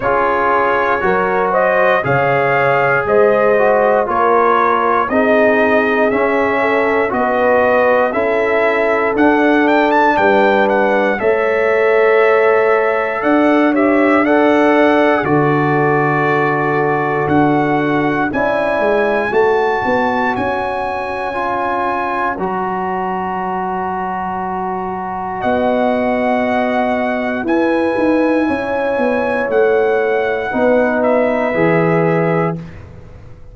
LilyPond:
<<
  \new Staff \with { instrumentName = "trumpet" } { \time 4/4 \tempo 4 = 59 cis''4. dis''8 f''4 dis''4 | cis''4 dis''4 e''4 dis''4 | e''4 fis''8 g''16 a''16 g''8 fis''8 e''4~ | e''4 fis''8 e''8 fis''4 d''4~ |
d''4 fis''4 gis''4 a''4 | gis''2 ais''2~ | ais''4 fis''2 gis''4~ | gis''4 fis''4. e''4. | }
  \new Staff \with { instrumentName = "horn" } { \time 4/4 gis'4 ais'8 c''8 cis''4 c''4 | ais'4 gis'4. a'8 b'4 | a'2 b'4 cis''4~ | cis''4 d''8 cis''8 d''4 a'4~ |
a'2 d''4 cis''4~ | cis''1~ | cis''4 dis''2 b'4 | cis''2 b'2 | }
  \new Staff \with { instrumentName = "trombone" } { \time 4/4 f'4 fis'4 gis'4. fis'8 | f'4 dis'4 cis'4 fis'4 | e'4 d'2 a'4~ | a'4. g'8 a'4 fis'4~ |
fis'2 e'4 fis'4~ | fis'4 f'4 fis'2~ | fis'2. e'4~ | e'2 dis'4 gis'4 | }
  \new Staff \with { instrumentName = "tuba" } { \time 4/4 cis'4 fis4 cis4 gis4 | ais4 c'4 cis'4 b4 | cis'4 d'4 g4 a4~ | a4 d'2 d4~ |
d4 d'4 cis'8 gis8 a8 b8 | cis'2 fis2~ | fis4 b2 e'8 dis'8 | cis'8 b8 a4 b4 e4 | }
>>